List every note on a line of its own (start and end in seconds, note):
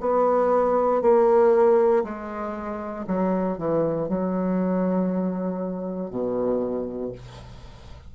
0.00 1.01 B3
1.01 2.03 A#3
2.03 3.05 G#3
3.07 3.58 F#3
3.58 4.08 E3
4.08 6.10 F#3
6.10 7.12 B2